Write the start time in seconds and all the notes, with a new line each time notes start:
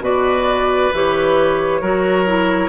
0.00 B2 F#4 B4 D5
0.93 E3 G4 C#5
1.81 F#3 F#4 A#4
2.26 E4